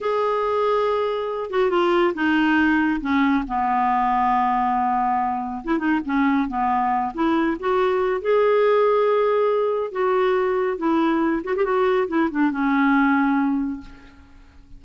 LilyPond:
\new Staff \with { instrumentName = "clarinet" } { \time 4/4 \tempo 4 = 139 gis'2.~ gis'8 fis'8 | f'4 dis'2 cis'4 | b1~ | b4 e'8 dis'8 cis'4 b4~ |
b8 e'4 fis'4. gis'4~ | gis'2. fis'4~ | fis'4 e'4. fis'16 g'16 fis'4 | e'8 d'8 cis'2. | }